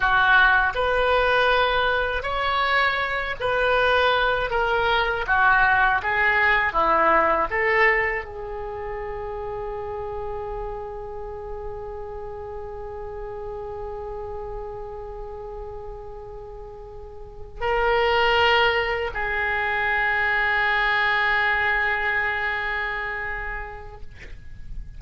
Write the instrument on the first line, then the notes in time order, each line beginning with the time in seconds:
oboe
0.00 F#4
0.75 B4
2.22 C#5
3.40 B4
4.50 A#4
5.26 F#4
6.02 G#4
6.72 E4
7.50 A4
8.24 G#4
17.60 A#4
19.14 G#4